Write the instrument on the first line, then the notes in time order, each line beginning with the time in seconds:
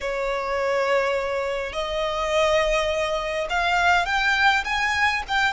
violin
0.00 C#5
1.72 D#5
3.50 F5
4.05 G5
4.64 G#5
5.27 G5